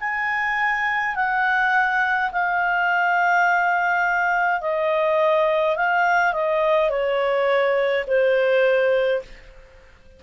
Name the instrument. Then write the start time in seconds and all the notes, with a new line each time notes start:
clarinet
0.00 G#5
1.16 F#5
2.32 F5
4.61 D#5
5.76 F5
6.34 D#5
6.90 C#5
8.07 C5